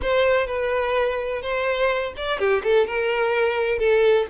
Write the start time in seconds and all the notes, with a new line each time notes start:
0.02 C5
0.47 B4
1.42 C5
2.17 D5
2.38 G4
2.63 A4
2.86 A#4
3.79 A4